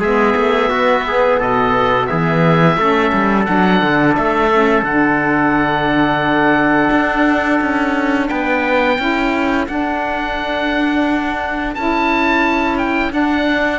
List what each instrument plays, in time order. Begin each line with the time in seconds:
0.00 cello G#3, saxophone B3, trumpet G#4, oboe E5
0.36 cello A3
0.70 cello B3, trumpet F#4
1.08 trumpet G#4
1.39 cello B2, trumpet A4, oboe D#5
2.07 cello E3, trumpet G#4, oboe E5
2.78 cello A3, saxophone C#4, trumpet A4
3.13 cello G3
3.46 cello F#3, saxophone D4, oboe F#5
3.83 cello D3
4.16 cello A3, oboe E5
4.52 saxophone C#4
4.83 cello D3, saxophone D4, oboe F#5
6.92 cello D4
7.61 cello C#4
8.29 cello B3, trumpet B4, oboe G5
8.98 cello C#4, saxophone E4, trumpet A4
9.68 saxophone D4, cello D4, oboe F#5
11.75 cello C#4, saxophone E4, oboe A5
12.78 oboe G5
13.11 saxophone D4, cello D4, oboe F#5